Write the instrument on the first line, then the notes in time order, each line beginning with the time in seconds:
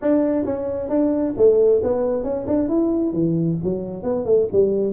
tuba
0.01 D4
0.45 C#4
0.89 D4
1.37 A3
1.83 B3
2.23 C#4
2.47 D4
2.68 E4
3.12 E3
3.63 F#3
4.03 B3
4.25 A3
4.52 G3